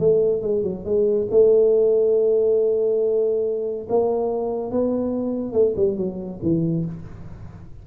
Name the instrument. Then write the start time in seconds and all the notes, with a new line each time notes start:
tuba
0.00 A3
0.43 G#3
0.64 F#3
0.85 G#3
1.31 A3
3.90 A#3
4.72 B3
5.53 A3
5.77 G3
5.98 F#3
6.43 E3